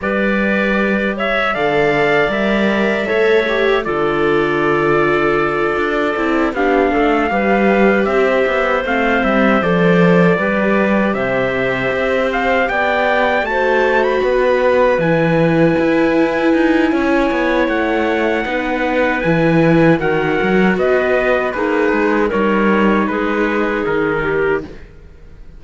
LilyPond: <<
  \new Staff \with { instrumentName = "trumpet" } { \time 4/4 \tempo 4 = 78 d''4. e''8 f''4 e''4~ | e''4 d''2.~ | d''8 f''2 e''4 f''8 | e''8 d''2 e''4. |
f''8 g''4 a''8. b''4~ b''16 gis''8~ | gis''2. fis''4~ | fis''4 gis''4 fis''4 dis''4 | b'4 cis''4 b'4 ais'4 | }
  \new Staff \with { instrumentName = "clarinet" } { \time 4/4 b'4. cis''8 d''2 | cis''4 a'2.~ | a'8 g'8 a'8 b'4 c''4.~ | c''4. b'4 c''4.~ |
c''8 d''4 c''4 b'4.~ | b'2 cis''2 | b'2 ais'4 b'4 | dis'4 ais'4 gis'4. g'8 | }
  \new Staff \with { instrumentName = "viola" } { \time 4/4 g'2 a'4 ais'4 | a'8 g'8 f'2. | e'8 d'4 g'2 c'8~ | c'8 a'4 g'2~ g'8~ |
g'4. fis'2 e'8~ | e'1 | dis'4 e'4 fis'2 | gis'4 dis'2. | }
  \new Staff \with { instrumentName = "cello" } { \time 4/4 g2 d4 g4 | a4 d2~ d8 d'8 | c'8 b8 a8 g4 c'8 b8 a8 | g8 f4 g4 c4 c'8~ |
c'8 b4 a4 b4 e8~ | e8 e'4 dis'8 cis'8 b8 a4 | b4 e4 dis8 fis8 b4 | ais8 gis8 g4 gis4 dis4 | }
>>